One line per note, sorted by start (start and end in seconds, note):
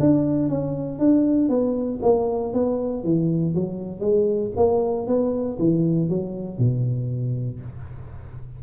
0.00 0.49 D4
0.49 1.00 C#4
1.00 1.49 D4
1.49 2.00 B3
2.03 2.54 A#3
2.54 3.04 B3
3.04 3.55 E3
3.55 4.00 F#3
4.00 4.51 G#3
4.56 5.07 A#3
5.08 5.58 B3
5.60 6.09 E3
6.09 6.59 F#3
6.59 7.60 B2